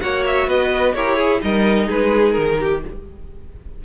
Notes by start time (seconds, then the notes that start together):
0.00 A#3 F#4 C#5 F#5
0.26 E5
0.47 B3 B4 D#5
0.94 E4 G4 A#4 C#5
1.16 G#4
1.40 G3 D#4 A#4 D#5
1.87 G#3 G#4 B4
2.31 D#3 A#4
2.59 G4